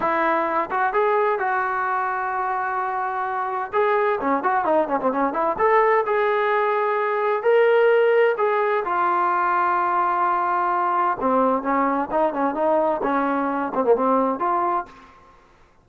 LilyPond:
\new Staff \with { instrumentName = "trombone" } { \time 4/4 \tempo 4 = 129 e'4. fis'8 gis'4 fis'4~ | fis'1 | gis'4 cis'8 fis'8 dis'8 cis'16 c'16 cis'8 e'8 | a'4 gis'2. |
ais'2 gis'4 f'4~ | f'1 | c'4 cis'4 dis'8 cis'8 dis'4 | cis'4. c'16 ais16 c'4 f'4 | }